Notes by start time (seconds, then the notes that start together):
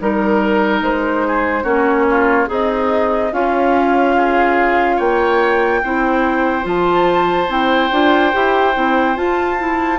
0.00 G3 D#4 A#4
0.81 G#3 C5
1.27 G#4
1.63 A#3 C#4 F#4 C#5
2.10 F4
2.47 C4 D#4 G#4 D#5
3.32 C#4 F4 F5
4.17 G#4
4.96 A#3 C#5 G5
5.83 C4 E4 C5
6.63 F3 F4 A5
7.49 C4 E4 G5
7.92 D4 F4
8.32 E4 G4
8.74 C4 E4
9.15 F4 A5
9.58 E4